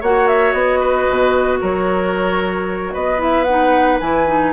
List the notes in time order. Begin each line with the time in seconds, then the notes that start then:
0.00 A#3 F#4 C#5 F#5
0.27 E5
0.52 B3 D#5
0.79 B4
1.09 B2
1.60 F#3 A#4 C#5
2.93 B3 B4 D#5
3.18 E4 E5
3.44 D#4 F#5
4.00 E3 E4 G#5
4.27 D#4